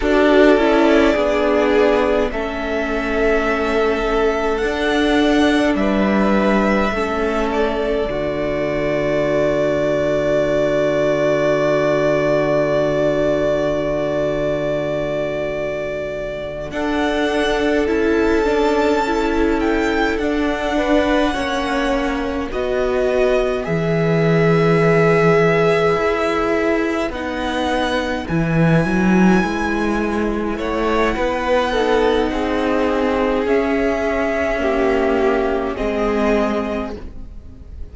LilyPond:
<<
  \new Staff \with { instrumentName = "violin" } { \time 4/4 \tempo 4 = 52 d''2 e''2 | fis''4 e''4. d''4.~ | d''1~ | d''2~ d''8 fis''4 a''8~ |
a''4 g''8 fis''2 dis''8~ | dis''8 e''2. fis''8~ | fis''8 gis''2 fis''4.~ | fis''4 e''2 dis''4 | }
  \new Staff \with { instrumentName = "violin" } { \time 4/4 a'4 gis'4 a'2~ | a'4 b'4 a'4 fis'4~ | fis'1~ | fis'2~ fis'8 a'4.~ |
a'2 b'8 cis''4 b'8~ | b'1~ | b'2~ b'8 cis''8 b'8 a'8 | gis'2 g'4 gis'4 | }
  \new Staff \with { instrumentName = "viola" } { \time 4/4 fis'8 e'8 d'4 cis'2 | d'2 cis'4 a4~ | a1~ | a2~ a8 d'4 e'8 |
d'8 e'4 d'4 cis'4 fis'8~ | fis'8 gis'2. dis'8~ | dis'8 e'2. dis'8~ | dis'4 cis'4 ais4 c'4 | }
  \new Staff \with { instrumentName = "cello" } { \time 4/4 d'8 cis'8 b4 a2 | d'4 g4 a4 d4~ | d1~ | d2~ d8 d'4 cis'8~ |
cis'4. d'4 ais4 b8~ | b8 e2 e'4 b8~ | b8 e8 fis8 gis4 a8 b4 | c'4 cis'2 gis4 | }
>>